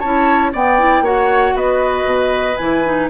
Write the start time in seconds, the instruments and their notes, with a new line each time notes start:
0.00 bassoon C#4, clarinet E4, oboe C#5, flute A5
0.53 clarinet B3, bassoon B3, oboe D5, flute G5
0.79 clarinet E4
1.01 bassoon A#3, clarinet F#4, oboe C#5, flute F#5
1.55 bassoon B3, oboe B4, flute D#5
2.05 bassoon B2
2.57 bassoon E3, clarinet E4, flute G#5
2.85 clarinet D#4